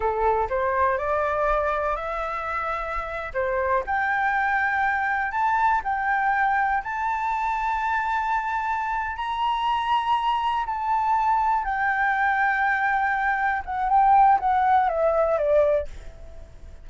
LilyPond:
\new Staff \with { instrumentName = "flute" } { \time 4/4 \tempo 4 = 121 a'4 c''4 d''2 | e''2~ e''8. c''4 g''16~ | g''2~ g''8. a''4 g''16~ | g''4.~ g''16 a''2~ a''16~ |
a''2~ a''8 ais''4.~ | ais''4. a''2 g''8~ | g''2.~ g''8 fis''8 | g''4 fis''4 e''4 d''4 | }